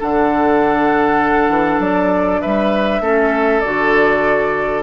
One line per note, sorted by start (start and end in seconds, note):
0.00 1.49 D3
0.00 3.03 D4
0.00 2.42 A4
0.00 1.81 F#5
1.49 1.79 E3
1.79 2.40 F#3
1.79 2.42 D5
2.42 3.01 G3
2.42 3.02 B4
2.42 3.61 E5
3.01 3.62 A3
3.01 3.64 C#4
3.01 4.83 A4
3.61 4.83 D3
3.61 4.83 F#4
3.61 4.82 D5